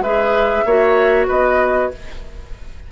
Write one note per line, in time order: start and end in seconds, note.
0.00 0.62 G#3
0.00 0.66 G#4
0.00 0.64 B4
0.00 1.26 E5
0.65 1.27 A#3
0.65 1.91 F#4
0.65 1.27 C#5
1.27 1.91 B3
1.27 1.89 B4
1.27 1.91 D#5